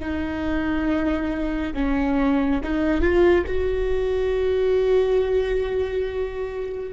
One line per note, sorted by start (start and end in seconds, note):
0.00 1.74 D#4
1.75 2.62 C#4
2.64 3.02 D#4
3.02 3.45 F4
3.47 6.93 F#4